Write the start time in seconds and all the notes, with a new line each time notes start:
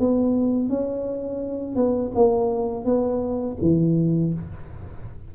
0.00 B3
0.70 C#4
1.76 B3
2.15 A#3
2.85 B3
3.62 E3